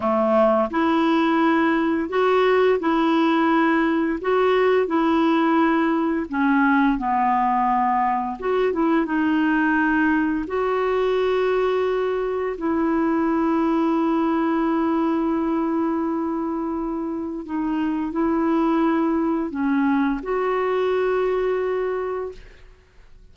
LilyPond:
\new Staff \with { instrumentName = "clarinet" } { \time 4/4 \tempo 4 = 86 a4 e'2 fis'4 | e'2 fis'4 e'4~ | e'4 cis'4 b2 | fis'8 e'8 dis'2 fis'4~ |
fis'2 e'2~ | e'1~ | e'4 dis'4 e'2 | cis'4 fis'2. | }